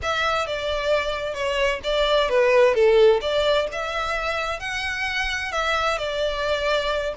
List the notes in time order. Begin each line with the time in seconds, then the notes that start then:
0.02 E5
0.46 D5
1.34 C#5
1.83 D5
2.29 B4
2.74 A4
3.21 D5
3.72 E5
4.59 F#5
5.52 E5
5.98 D5